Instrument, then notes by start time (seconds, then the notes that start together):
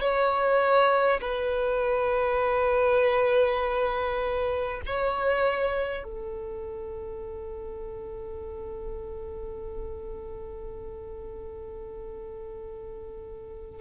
violin
0.00 C#5
1.21 B4
4.85 C#5
6.03 A4